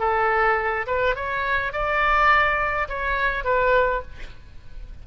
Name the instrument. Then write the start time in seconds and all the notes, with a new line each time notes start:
oboe
0.00 A4
0.87 B4
1.16 C#5
1.73 D5
2.89 C#5
3.45 B4